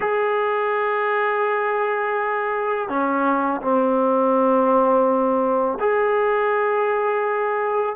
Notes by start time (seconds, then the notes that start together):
0.00 G#4
2.88 C#4
3.61 C4
5.79 G#4